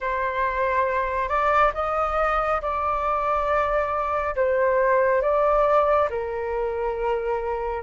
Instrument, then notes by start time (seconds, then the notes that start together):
flute
0.00 C5
1.28 D5
1.74 D#5
2.61 D5
4.35 C5
5.21 D5
6.09 A#4